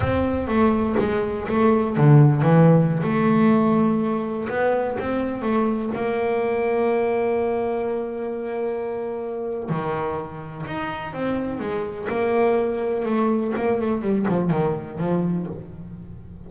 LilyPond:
\new Staff \with { instrumentName = "double bass" } { \time 4/4 \tempo 4 = 124 c'4 a4 gis4 a4 | d4 e4~ e16 a4.~ a16~ | a4~ a16 b4 c'4 a8.~ | a16 ais2.~ ais8.~ |
ais1 | dis2 dis'4 c'4 | gis4 ais2 a4 | ais8 a8 g8 f8 dis4 f4 | }